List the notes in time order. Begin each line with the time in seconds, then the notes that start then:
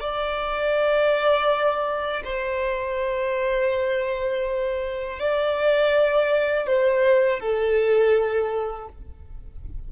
0.00 D5
2.24 C5
5.19 D5
6.66 C5
7.39 A4